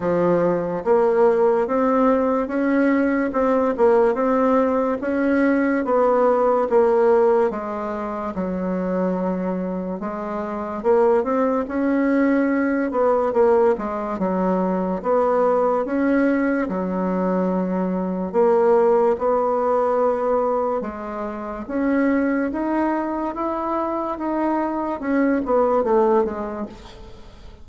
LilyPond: \new Staff \with { instrumentName = "bassoon" } { \time 4/4 \tempo 4 = 72 f4 ais4 c'4 cis'4 | c'8 ais8 c'4 cis'4 b4 | ais4 gis4 fis2 | gis4 ais8 c'8 cis'4. b8 |
ais8 gis8 fis4 b4 cis'4 | fis2 ais4 b4~ | b4 gis4 cis'4 dis'4 | e'4 dis'4 cis'8 b8 a8 gis8 | }